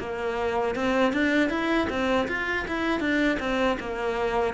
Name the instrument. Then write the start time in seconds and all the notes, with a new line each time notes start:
cello
0.00 A#3
0.76 C4
1.13 D4
1.50 E4
1.90 C4
2.28 F4
2.68 E4
3.00 D4
3.40 C4
3.80 A#3